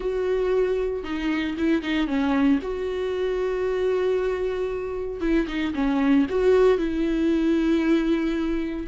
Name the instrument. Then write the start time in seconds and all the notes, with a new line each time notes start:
viola
0.00 F#4
1.03 D#4
1.57 E4
1.82 D#4
2.07 C#4
2.62 F#4
5.20 E4
5.47 D#4
5.74 C#4
6.29 F#4
6.78 E4